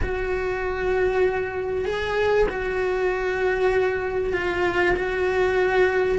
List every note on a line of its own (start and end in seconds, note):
0.02 1.85 F#4
1.85 2.47 G#4
2.48 4.33 F#4
4.33 4.95 F4
4.96 6.18 F#4